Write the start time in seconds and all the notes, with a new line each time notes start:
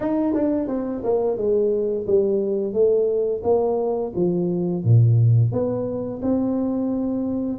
0.00 D#4
0.34 D4
0.67 C4
1.03 A#3
1.37 G#3
2.07 G3
2.73 A3
3.43 A#3
4.15 F3
4.84 A#2
5.52 B3
6.22 C4